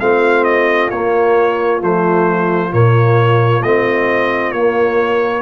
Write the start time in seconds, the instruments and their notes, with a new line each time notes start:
0.00 tuba A3, trombone C4, horn F4, trumpet F5
0.44 trumpet D#5
0.91 tuba A#3, trombone A#3, trumpet C#5
1.81 tuba F3, trombone A3, trumpet C5
2.71 tuba A#2, trombone A#3, trumpet C#5
3.63 tuba A3, trombone C4, trumpet D#5
4.52 tuba A#3, trombone A#3, trumpet C#5